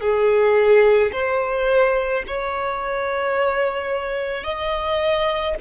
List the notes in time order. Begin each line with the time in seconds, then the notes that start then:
0.00 G#4
1.12 C5
2.27 C#5
4.43 D#5